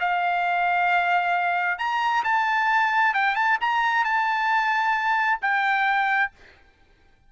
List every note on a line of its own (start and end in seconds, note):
0.00 1.79 F5
1.79 2.24 A#5
2.24 3.14 A5
3.14 3.35 G5
3.35 3.58 A5
3.61 4.05 A#5
4.05 5.40 A5
5.42 6.32 G5